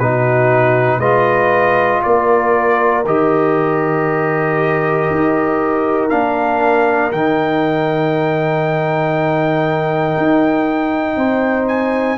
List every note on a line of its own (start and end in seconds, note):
0.00 0.99 B2
0.00 1.01 D#4
0.00 0.99 F#4
0.00 1.00 B4
0.99 2.01 G#3
0.99 3.05 F4
0.99 2.01 B4
0.99 2.02 D#5
2.03 3.06 A#3
2.03 11.17 A#4
2.03 3.05 D5
3.06 5.09 D#3
3.06 6.11 G4
3.06 6.10 D#5
5.11 6.12 D#4
6.10 7.12 A#3
6.10 7.12 D4
6.10 7.12 F5
7.12 10.17 D#3
7.12 12.19 D#4
7.12 11.68 G5
10.18 11.17 D#4
11.17 12.18 C4
11.17 12.19 C5
11.68 12.19 G#5